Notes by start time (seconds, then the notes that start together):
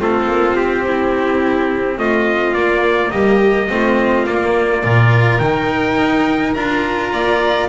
0.00 A3 C4 F4 A4
0.27 A#3
0.55 C4 G4
0.87 E4
1.98 A3 F4 D#5
2.54 A#3 D5
3.12 G3 G4 D#5
3.70 A3 C4 F4
4.26 A#3 D5
4.84 A#2 F4 A#4
5.39 D#3 D#4 G5
5.97 D#4
6.54 D4 F4 A#5
7.13 A#3 D5